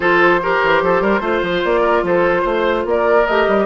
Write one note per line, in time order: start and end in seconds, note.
0.00 0.58 F3
0.00 0.41 F4
0.00 0.40 A4
0.00 1.63 C5
0.42 1.20 G4
0.42 0.83 A#4
0.63 0.81 E3
0.81 1.01 F3
0.81 1.01 A4
1.01 1.20 G3
1.01 1.20 A#4
1.20 1.40 A3
1.20 3.25 F4
1.20 1.80 C5
1.42 1.62 F3
1.64 2.03 A#3
1.64 2.05 D5
1.80 2.01 A#4
2.03 2.43 F3
2.03 2.41 A4
2.03 2.88 C5
2.41 2.84 A3
2.41 2.82 C5
2.84 3.25 A#3
2.84 3.65 A#4
2.84 3.26 D5
3.26 3.47 A3
3.26 3.65 G4
3.26 3.65 D#5
3.47 3.65 G3